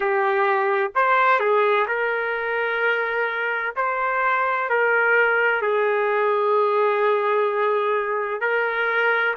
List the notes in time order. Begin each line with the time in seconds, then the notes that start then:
0.00 G4
0.95 C5
1.39 G#4
1.87 A#4
3.75 C5
4.69 A#4
5.61 G#4
8.40 A#4